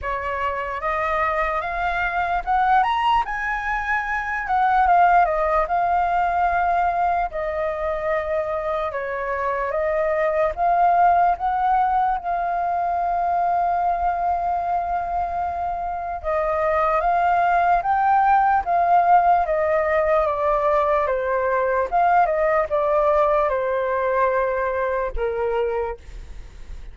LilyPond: \new Staff \with { instrumentName = "flute" } { \time 4/4 \tempo 4 = 74 cis''4 dis''4 f''4 fis''8 ais''8 | gis''4. fis''8 f''8 dis''8 f''4~ | f''4 dis''2 cis''4 | dis''4 f''4 fis''4 f''4~ |
f''1 | dis''4 f''4 g''4 f''4 | dis''4 d''4 c''4 f''8 dis''8 | d''4 c''2 ais'4 | }